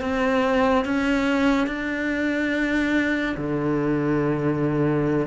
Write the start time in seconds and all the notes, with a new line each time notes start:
0.00 C4
0.85 C#4
1.67 D4
3.37 D3